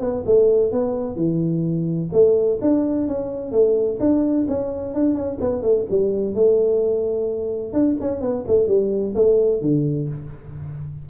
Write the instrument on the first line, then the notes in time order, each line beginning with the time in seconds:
tuba
0.00 B3
0.26 A3
0.72 B3
1.16 E3
2.12 A3
2.61 D4
3.08 C#4
3.52 A3
4.00 D4
4.48 C#4
4.94 D4
5.15 C#4
5.41 B3
5.62 A3
5.90 G3
6.35 A3
7.73 D4
8.00 C#4
8.21 B3
8.47 A3
8.67 G3
9.15 A3
9.61 D3